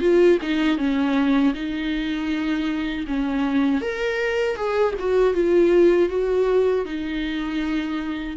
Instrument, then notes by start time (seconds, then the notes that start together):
viola
0.00 F4
0.42 D#4
0.78 C#4
1.54 D#4
3.07 C#4
3.81 A#4
4.56 G#4
4.99 F#4
5.34 F4
6.09 F#4
6.85 D#4